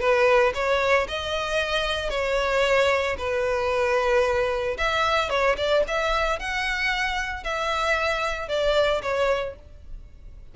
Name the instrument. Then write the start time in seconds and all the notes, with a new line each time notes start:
violin
0.00 B4
0.55 C#5
1.08 D#5
2.10 C#5
3.18 B4
4.78 E5
5.30 C#5
5.58 D5
5.88 E5
6.39 F#5
7.44 E5
8.49 D5
9.02 C#5